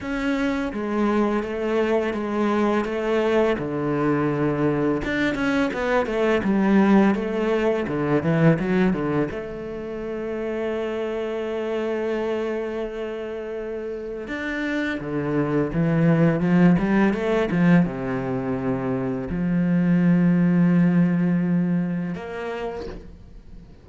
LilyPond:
\new Staff \with { instrumentName = "cello" } { \time 4/4 \tempo 4 = 84 cis'4 gis4 a4 gis4 | a4 d2 d'8 cis'8 | b8 a8 g4 a4 d8 e8 | fis8 d8 a2.~ |
a1 | d'4 d4 e4 f8 g8 | a8 f8 c2 f4~ | f2. ais4 | }